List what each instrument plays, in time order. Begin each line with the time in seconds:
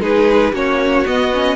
0.00 cello G#3, viola D#4, violin G#4 B4
0.52 cello A#3, viola C#4, violin F#4 C#5
1.06 viola B3, cello B3, violin D#5
1.33 viola C#4